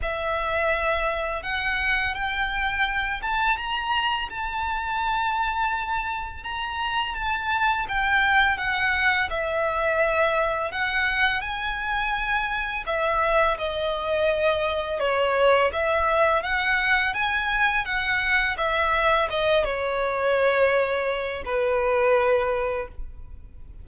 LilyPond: \new Staff \with { instrumentName = "violin" } { \time 4/4 \tempo 4 = 84 e''2 fis''4 g''4~ | g''8 a''8 ais''4 a''2~ | a''4 ais''4 a''4 g''4 | fis''4 e''2 fis''4 |
gis''2 e''4 dis''4~ | dis''4 cis''4 e''4 fis''4 | gis''4 fis''4 e''4 dis''8 cis''8~ | cis''2 b'2 | }